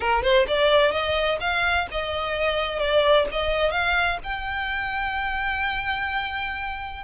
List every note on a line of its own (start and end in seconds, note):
0.00 0.23 A#4
0.23 0.46 C5
0.47 0.91 D5
0.91 1.38 D#5
1.40 1.87 F5
1.91 2.79 D#5
2.79 3.26 D5
3.31 3.71 D#5
3.71 4.18 F5
4.23 7.03 G5